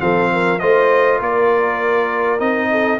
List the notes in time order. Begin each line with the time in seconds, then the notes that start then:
0.00 F3 C4 A4 F5
0.33 A#4
0.59 A3 F4 C5 D#5
1.20 A#3 A#4 D5
2.40 C4 D#4 D#5
2.71 A4